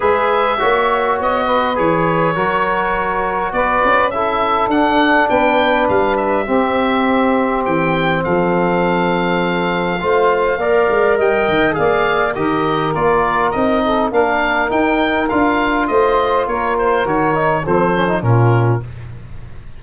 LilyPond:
<<
  \new Staff \with { instrumentName = "oboe" } { \time 4/4 \tempo 4 = 102 e''2 dis''4 cis''4~ | cis''2 d''4 e''4 | fis''4 g''4 f''8 e''4.~ | e''4 g''4 f''2~ |
f''2. g''4 | f''4 dis''4 d''4 dis''4 | f''4 g''4 f''4 dis''4 | cis''8 c''8 cis''4 c''4 ais'4 | }
  \new Staff \with { instrumentName = "saxophone" } { \time 4/4 b'4 cis''4. b'4. | ais'2 b'4 a'4~ | a'4 b'2 g'4~ | g'2 a'2~ |
a'4 c''4 d''4 dis''4 | d''4 ais'2~ ais'8 a'8 | ais'2. c''4 | ais'2 a'4 f'4 | }
  \new Staff \with { instrumentName = "trombone" } { \time 4/4 gis'4 fis'2 gis'4 | fis'2. e'4 | d'2. c'4~ | c'1~ |
c'4 f'4 ais'2 | gis'4 g'4 f'4 dis'4 | d'4 dis'4 f'2~ | f'4 fis'8 dis'8 c'8 cis'16 dis'16 cis'4 | }
  \new Staff \with { instrumentName = "tuba" } { \time 4/4 gis4 ais4 b4 e4 | fis2 b8 cis'4. | d'4 b4 g4 c'4~ | c'4 e4 f2~ |
f4 a4 ais8 gis8 g8 dis8 | ais4 dis4 ais4 c'4 | ais4 dis'4 d'4 a4 | ais4 dis4 f4 ais,4 | }
>>